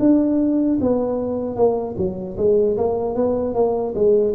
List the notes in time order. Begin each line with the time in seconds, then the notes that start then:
0.00 D4
0.81 B3
1.56 A#3
1.97 F#3
2.38 G#3
2.77 A#3
3.16 B3
3.55 A#3
3.95 G#3